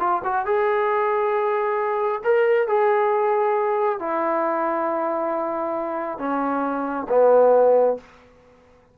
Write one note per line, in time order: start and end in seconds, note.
0.00 0.22 F4
0.24 0.46 F#4
0.46 2.22 G#4
2.24 2.68 A#4
2.68 3.99 G#4
3.99 6.19 E4
6.19 7.07 C#4
7.09 7.97 B3